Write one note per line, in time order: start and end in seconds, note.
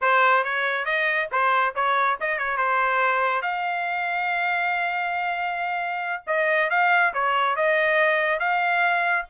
0.01 0.44 C5
0.44 0.85 C#5
0.85 1.28 D#5
1.31 1.74 C5
1.75 2.18 C#5
2.20 2.38 D#5
2.38 2.57 C#5
2.57 3.42 C5
3.42 6.22 F5
6.26 6.70 D#5
6.70 7.13 F5
7.13 7.56 C#5
7.56 8.39 D#5
8.39 9.26 F5